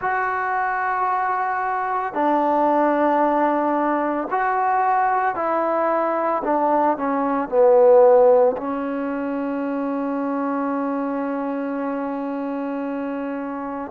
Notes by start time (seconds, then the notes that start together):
0.01 F#4
2.13 D4
4.31 F#4
5.35 E4
6.43 D4
6.97 C#4
7.49 B3
8.57 C#4